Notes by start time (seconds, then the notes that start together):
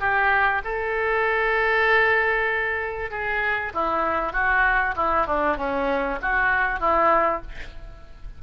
0.00 G4
0.64 A4
3.11 G#4
3.74 E4
4.33 F#4
4.96 E4
5.26 D4
5.57 C#4
6.22 F#4
6.80 E4